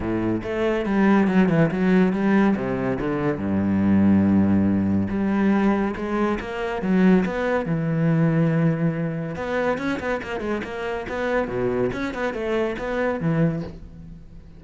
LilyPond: \new Staff \with { instrumentName = "cello" } { \time 4/4 \tempo 4 = 141 a,4 a4 g4 fis8 e8 | fis4 g4 c4 d4 | g,1 | g2 gis4 ais4 |
fis4 b4 e2~ | e2 b4 cis'8 b8 | ais8 gis8 ais4 b4 b,4 | cis'8 b8 a4 b4 e4 | }